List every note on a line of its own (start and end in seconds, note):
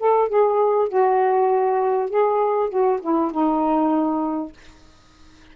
0.00 0.29 A4
0.29 0.89 G#4
0.89 2.10 F#4
2.10 2.70 G#4
2.70 3.00 F#4
3.02 3.32 E4
3.32 4.53 D#4